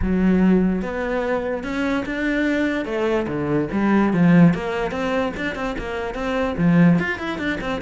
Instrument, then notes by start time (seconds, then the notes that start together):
cello
0.02 F#3
0.81 B3
1.63 C#4
2.05 D4
2.85 A3
3.27 D3
3.72 G3
4.13 F3
4.53 A#3
4.91 C4
5.36 D4
5.55 C4
5.78 A#3
6.14 C4
6.57 F3
6.98 F4
7.18 E4
7.38 D4
7.60 C4